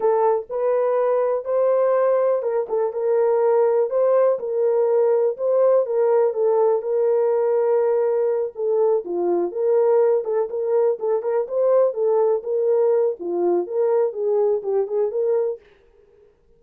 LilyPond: \new Staff \with { instrumentName = "horn" } { \time 4/4 \tempo 4 = 123 a'4 b'2 c''4~ | c''4 ais'8 a'8 ais'2 | c''4 ais'2 c''4 | ais'4 a'4 ais'2~ |
ais'4. a'4 f'4 ais'8~ | ais'4 a'8 ais'4 a'8 ais'8 c''8~ | c''8 a'4 ais'4. f'4 | ais'4 gis'4 g'8 gis'8 ais'4 | }